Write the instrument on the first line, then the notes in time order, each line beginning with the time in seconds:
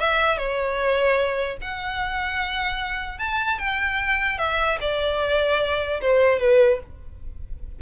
violin
0.00 E5
0.37 C#5
1.61 F#5
3.18 A5
3.58 G5
4.38 E5
4.80 D5
6.01 C5
6.39 B4